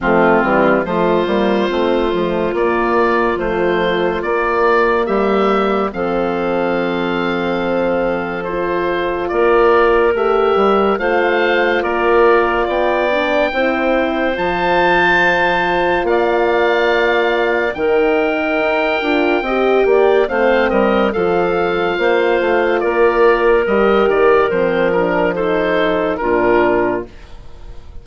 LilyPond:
<<
  \new Staff \with { instrumentName = "oboe" } { \time 4/4 \tempo 4 = 71 f'4 c''2 d''4 | c''4 d''4 e''4 f''4~ | f''2 c''4 d''4 | e''4 f''4 d''4 g''4~ |
g''4 a''2 f''4~ | f''4 g''2. | f''8 dis''8 f''2 d''4 | dis''8 d''8 c''8 ais'8 c''4 ais'4 | }
  \new Staff \with { instrumentName = "clarinet" } { \time 4/4 c'4 f'2.~ | f'2 g'4 a'4~ | a'2. ais'4~ | ais'4 c''4 ais'4 d''4 |
c''2. d''4~ | d''4 ais'2 dis''8 d''8 | c''8 ais'8 a'4 c''4 ais'4~ | ais'2 a'4 f'4 | }
  \new Staff \with { instrumentName = "horn" } { \time 4/4 a8 g8 a8 ais8 c'8 a8 ais4 | f4 ais2 c'4~ | c'2 f'2 | g'4 f'2~ f'8 d'8 |
e'4 f'2.~ | f'4 dis'4. f'8 g'4 | c'4 f'2. | g'4 c'8 d'8 dis'4 d'4 | }
  \new Staff \with { instrumentName = "bassoon" } { \time 4/4 f8 e8 f8 g8 a8 f8 ais4 | a4 ais4 g4 f4~ | f2. ais4 | a8 g8 a4 ais4 b4 |
c'4 f2 ais4~ | ais4 dis4 dis'8 d'8 c'8 ais8 | a8 g8 f4 ais8 a8 ais4 | g8 dis8 f2 ais,4 | }
>>